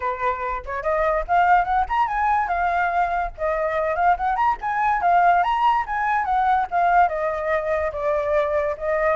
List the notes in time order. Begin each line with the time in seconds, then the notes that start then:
0.00 B4
0.65 C#5
0.82 D#5
1.27 F5
1.64 F#5
1.89 A#5
2.07 G#5
2.48 F5
3.37 D#5
3.95 F5
4.16 F#5
4.36 A#5
4.61 G#5
5.01 F5
5.43 A#5
5.86 G#5
6.24 F#5
6.70 F5
7.08 D#5
7.92 D5
8.77 D#5